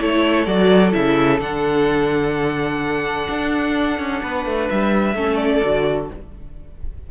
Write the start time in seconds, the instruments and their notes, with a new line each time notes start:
0.00 cello A3, viola E4, violin A4 C#5
0.46 cello F#3, viola F#4, violin D5
0.92 cello C#3, viola E4, violin E5
1.40 cello D3, viola D4, violin F#5
3.30 cello D4
3.99 cello C#4
4.23 cello B3, violin B4
4.46 cello A3
4.70 cello G3, violin E5
5.14 cello A3, viola C#4, violin A4
5.37 violin D5
5.64 cello D3, viola F#4